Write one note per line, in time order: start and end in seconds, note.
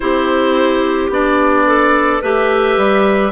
0.00 1.09 C4
0.00 1.11 E4
0.00 1.66 G4
0.00 1.10 C5
1.09 2.20 B3
1.09 2.22 D4
1.09 2.23 D5
1.66 2.21 A4
2.21 2.77 A3
2.21 3.32 G4
2.21 3.32 B4
2.21 3.32 E5
2.77 3.32 G3